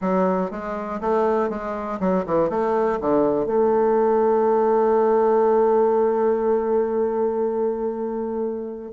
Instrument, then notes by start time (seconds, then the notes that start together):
bassoon
0.01 F#3
0.50 G#3
1.01 A3
1.49 G#3
2.00 F#3
2.26 E3
2.49 A3
3.00 D3
3.46 A3